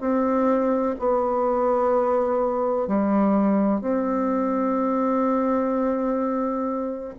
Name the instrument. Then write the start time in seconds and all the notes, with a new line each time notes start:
bassoon
0.00 C4
0.99 B3
2.87 G3
3.81 C4